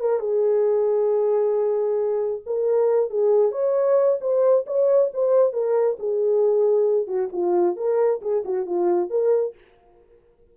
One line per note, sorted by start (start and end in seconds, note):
0.00 0.19 A#4
0.19 2.42 G#4
2.46 3.10 A#4
3.10 3.52 G#4
3.52 4.18 C#5
4.21 4.65 C5
4.66 5.11 C#5
5.13 5.53 C5
5.53 5.97 A#4
5.99 7.07 G#4
7.07 7.29 F#4
7.32 7.76 F4
7.76 8.21 A#4
8.21 8.44 G#4
8.44 8.66 F#4
8.66 9.10 F4
9.10 9.54 A#4